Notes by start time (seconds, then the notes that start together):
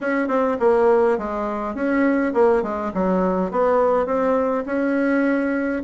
0.00 C#4
0.28 C4
0.59 A#3
1.18 G#3
1.74 C#4
2.33 A#3
2.62 G#3
2.94 F#3
3.51 B3
4.06 C4
4.65 C#4